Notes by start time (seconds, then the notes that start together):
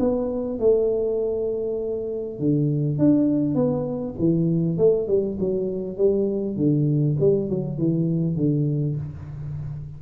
0.00 B3
0.60 A3
2.40 D3
2.99 D4
3.55 B3
4.19 E3
4.78 A3
5.08 G3
5.40 F#3
5.98 G3
6.57 D3
7.20 G3
7.50 F#3
7.79 E3
8.37 D3